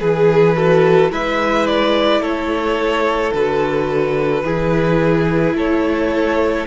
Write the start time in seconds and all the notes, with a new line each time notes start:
0.00 E3 G#4 B4
0.56 F#4 A4
1.10 G#3 E4 B4 E5
1.66 D5
2.20 A3 A4 C#5
3.33 D3 F#4 B4
4.43 E3 E4 G#4
5.54 A3 A4 C#5